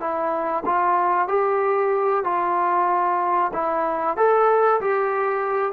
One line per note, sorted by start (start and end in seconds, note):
0.00 0.64 E4
0.66 1.28 F4
1.28 2.24 G4
2.24 3.52 F4
3.53 4.17 E4
4.17 4.81 A4
4.81 5.72 G4